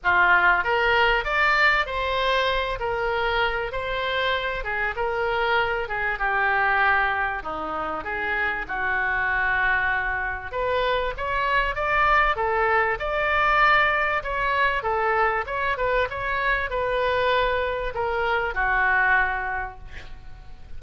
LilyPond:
\new Staff \with { instrumentName = "oboe" } { \time 4/4 \tempo 4 = 97 f'4 ais'4 d''4 c''4~ | c''8 ais'4. c''4. gis'8 | ais'4. gis'8 g'2 | dis'4 gis'4 fis'2~ |
fis'4 b'4 cis''4 d''4 | a'4 d''2 cis''4 | a'4 cis''8 b'8 cis''4 b'4~ | b'4 ais'4 fis'2 | }